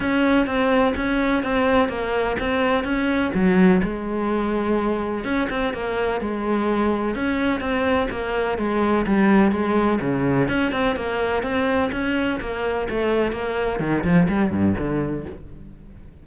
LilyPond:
\new Staff \with { instrumentName = "cello" } { \time 4/4 \tempo 4 = 126 cis'4 c'4 cis'4 c'4 | ais4 c'4 cis'4 fis4 | gis2. cis'8 c'8 | ais4 gis2 cis'4 |
c'4 ais4 gis4 g4 | gis4 cis4 cis'8 c'8 ais4 | c'4 cis'4 ais4 a4 | ais4 dis8 f8 g8 g,8 d4 | }